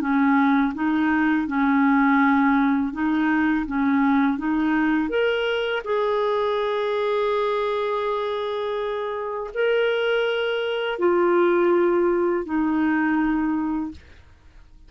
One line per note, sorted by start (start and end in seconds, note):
0.00 0.73 C#4
0.74 1.47 D#4
1.47 2.92 C#4
2.92 3.66 D#4
3.66 4.38 C#4
4.38 5.09 D#4
5.09 5.82 A#4
5.84 9.50 G#4
9.54 10.99 A#4
10.99 12.45 F4
12.45 13.91 D#4